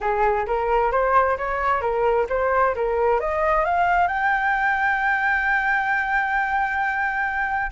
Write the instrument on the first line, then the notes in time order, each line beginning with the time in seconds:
flute
0.00 G#4
0.46 A#4
0.91 C5
1.37 C#5
1.81 A#4
2.29 C5
2.75 A#4
3.20 D#5
3.64 F5
4.07 G5